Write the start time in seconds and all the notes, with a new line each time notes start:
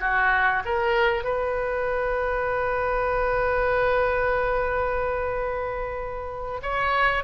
0.00 F#4
0.65 A#4
1.24 B4
6.62 C#5